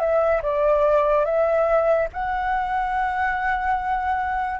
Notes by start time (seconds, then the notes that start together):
0.00 E5
0.42 D5
1.25 E5
2.13 F#5